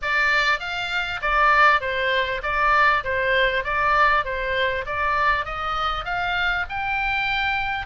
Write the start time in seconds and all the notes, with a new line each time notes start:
0.02 D5
0.59 F5
1.21 D5
1.80 C5
2.42 D5
3.04 C5
3.64 D5
4.24 C5
4.85 D5
5.45 D#5
6.04 F5
6.69 G5